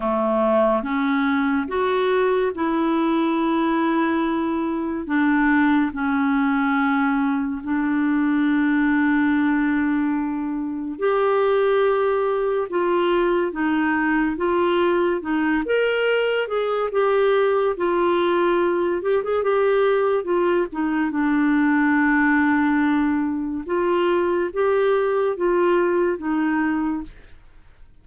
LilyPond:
\new Staff \with { instrumentName = "clarinet" } { \time 4/4 \tempo 4 = 71 a4 cis'4 fis'4 e'4~ | e'2 d'4 cis'4~ | cis'4 d'2.~ | d'4 g'2 f'4 |
dis'4 f'4 dis'8 ais'4 gis'8 | g'4 f'4. g'16 gis'16 g'4 | f'8 dis'8 d'2. | f'4 g'4 f'4 dis'4 | }